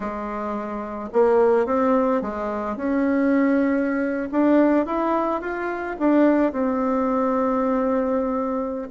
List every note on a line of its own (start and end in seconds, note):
0.00 1.09 G#3
1.12 1.66 A#3
1.66 2.21 C4
2.21 2.76 G#3
2.76 4.29 C#4
4.31 4.86 D4
4.86 5.41 E4
5.41 5.96 F4
5.98 6.52 D4
6.52 8.88 C4